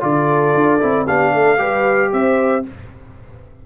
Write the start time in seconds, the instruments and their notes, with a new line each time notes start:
0.00 tuba D3, trombone F4, horn A4, trumpet D5
0.54 tuba D4
0.79 tuba C4, trombone E4
1.07 tuba B3, trombone D4, horn G4, trumpet F5
1.34 tuba A3, horn A4
1.57 tuba G3, trombone G4, horn B4
2.12 tuba C4, horn C5, trumpet E5